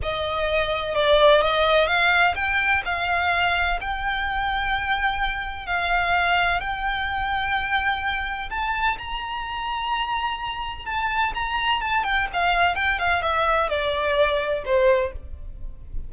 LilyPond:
\new Staff \with { instrumentName = "violin" } { \time 4/4 \tempo 4 = 127 dis''2 d''4 dis''4 | f''4 g''4 f''2 | g''1 | f''2 g''2~ |
g''2 a''4 ais''4~ | ais''2. a''4 | ais''4 a''8 g''8 f''4 g''8 f''8 | e''4 d''2 c''4 | }